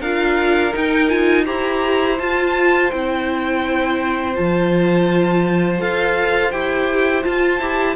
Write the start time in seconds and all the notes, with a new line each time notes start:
0.00 D4 F4 A#4 F5
0.72 D#4 G5
1.08 F4 G#5
1.45 E4 G4 C5 A#5
2.18 F4 A5
2.91 C4 E4 G5
4.34 F3 F4 A5
5.79 F4 A4 F5
6.51 E4 G4 G5
7.22 F4 A5
7.61 E4 G4